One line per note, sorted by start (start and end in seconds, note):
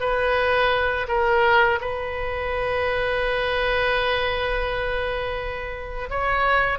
0.00 1.07 B4
1.08 1.80 A#4
1.81 6.09 B4
6.10 6.79 C#5